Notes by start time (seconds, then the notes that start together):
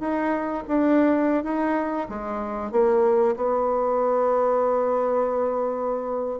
0.00 D#4
0.68 D4
1.44 D#4
2.09 G#3
2.72 A#3
3.37 B3